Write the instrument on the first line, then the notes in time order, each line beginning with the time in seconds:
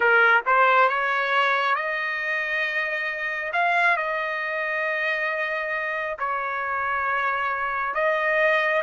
trumpet
0.00 A#4
0.46 C5
0.88 C#5
1.75 D#5
3.53 F5
3.96 D#5
6.18 C#5
7.94 D#5